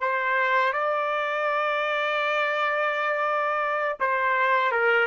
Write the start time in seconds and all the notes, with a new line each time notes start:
0.00 C5
0.72 D5
4.00 C5
4.71 A#4